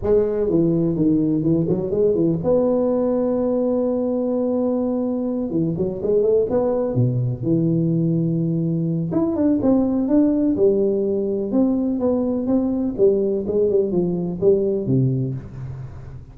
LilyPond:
\new Staff \with { instrumentName = "tuba" } { \time 4/4 \tempo 4 = 125 gis4 e4 dis4 e8 fis8 | gis8 e8 b2.~ | b2.~ b8 e8 | fis8 gis8 a8 b4 b,4 e8~ |
e2. e'8 d'8 | c'4 d'4 g2 | c'4 b4 c'4 g4 | gis8 g8 f4 g4 c4 | }